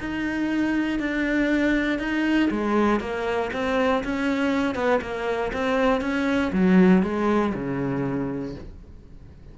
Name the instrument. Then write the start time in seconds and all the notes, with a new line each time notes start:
cello
0.00 D#4
1.00 D4
1.99 D#4
2.51 G#3
3.01 A#3
3.53 C4
4.04 C#4
4.75 B3
5.02 A#3
5.53 C4
6.02 C#4
6.53 F#3
7.03 G#3
7.55 C#3